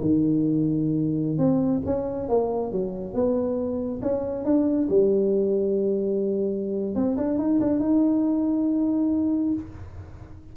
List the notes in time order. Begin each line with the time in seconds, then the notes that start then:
0.00 D#3
1.38 C4
1.85 C#4
2.28 A#3
2.72 F#3
3.14 B3
4.02 C#4
4.44 D4
4.89 G3
6.95 C4
7.17 D4
7.38 D#4
7.60 D4
7.79 D#4